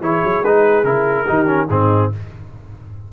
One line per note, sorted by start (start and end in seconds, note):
0.00 0.21 E3
0.00 0.44 E4
0.00 1.26 G#4
0.00 0.44 C#5
0.23 0.41 F#3
0.41 0.83 G#3
0.41 0.84 D#4
0.41 0.84 B4
0.83 1.25 C#3
0.83 1.26 E4
0.83 1.68 A#4
1.26 1.69 D#3
1.26 1.46 D#4
1.26 1.68 G4
1.46 1.67 C#4
1.68 2.11 G#2
1.68 2.12 C4
1.68 2.10 D#4
1.68 2.12 G#4